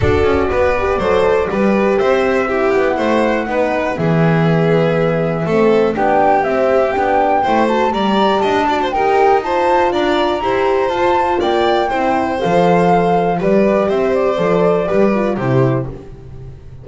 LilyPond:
<<
  \new Staff \with { instrumentName = "flute" } { \time 4/4 \tempo 4 = 121 d''1 | e''4. fis''2~ fis''8 | e''1 | g''4 e''4 g''4. a''8 |
ais''4 a''4 g''4 a''4 | ais''2 a''4 g''4~ | g''4 f''2 d''4 | e''8 d''2~ d''8 c''4 | }
  \new Staff \with { instrumentName = "violin" } { \time 4/4 a'4 b'4 c''4 b'4 | c''4 g'4 c''4 b'4 | gis'2. a'4 | g'2. c''4 |
d''4 dis''8 d''16 c''16 ais'4 c''4 | d''4 c''2 d''4 | c''2. b'4 | c''2 b'4 g'4 | }
  \new Staff \with { instrumentName = "horn" } { \time 4/4 fis'4. g'8 a'4 g'4~ | g'4 e'2 dis'4 | b2. c'4 | d'4 c'4 d'4 e'8 fis'8 |
g'4. fis'8 g'4 f'4~ | f'4 g'4 f'2 | e'4 a'2 g'4~ | g'4 a'4 g'8 f'8 e'4 | }
  \new Staff \with { instrumentName = "double bass" } { \time 4/4 d'8 cis'8 b4 fis4 g4 | c'4. b8 a4 b4 | e2. a4 | b4 c'4 b4 a4 |
g4 d'4 dis'2 | d'4 e'4 f'4 ais4 | c'4 f2 g4 | c'4 f4 g4 c4 | }
>>